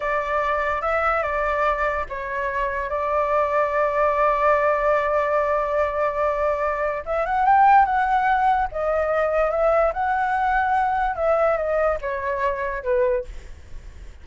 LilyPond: \new Staff \with { instrumentName = "flute" } { \time 4/4 \tempo 4 = 145 d''2 e''4 d''4~ | d''4 cis''2 d''4~ | d''1~ | d''1~ |
d''4 e''8 fis''8 g''4 fis''4~ | fis''4 dis''2 e''4 | fis''2. e''4 | dis''4 cis''2 b'4 | }